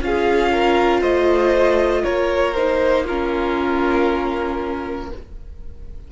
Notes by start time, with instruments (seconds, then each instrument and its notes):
0.00 cello C#4, viola F4, violin G#4 F5
0.53 violin A#4
1.00 cello A3, violin C5 D#5
2.03 cello A#3, violin A#4 C#5
2.54 viola D#4, violin C5
3.04 viola C#4, violin F4 A#4